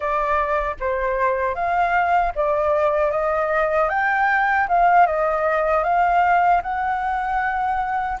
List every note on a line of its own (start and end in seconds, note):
0.00 0.76 D5
0.80 1.54 C5
1.54 2.32 F5
2.35 3.11 D5
3.11 3.89 D#5
3.89 4.67 G5
4.68 5.06 F5
5.06 5.83 D#5
5.83 6.61 F5
6.62 8.18 F#5